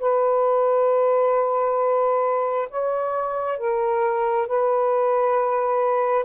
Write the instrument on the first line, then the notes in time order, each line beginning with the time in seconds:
saxophone
0.00 B4
2.70 C#5
3.58 A#4
4.48 B4